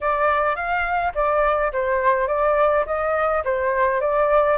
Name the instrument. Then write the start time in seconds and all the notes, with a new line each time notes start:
flute
0.00 D5
0.55 F5
1.15 D5
1.72 C5
2.27 D5
2.86 D#5
3.44 C5
4.01 D5